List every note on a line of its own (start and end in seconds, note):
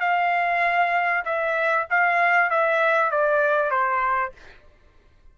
0.00 1.24 F5
1.25 1.87 E5
1.90 2.50 F5
2.50 3.11 E5
3.11 3.70 D5
3.70 4.32 C5